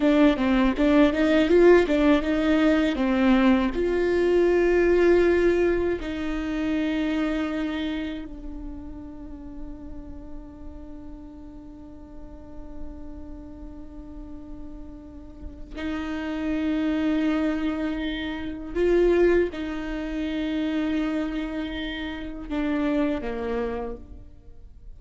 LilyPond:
\new Staff \with { instrumentName = "viola" } { \time 4/4 \tempo 4 = 80 d'8 c'8 d'8 dis'8 f'8 d'8 dis'4 | c'4 f'2. | dis'2. d'4~ | d'1~ |
d'1~ | d'4 dis'2.~ | dis'4 f'4 dis'2~ | dis'2 d'4 ais4 | }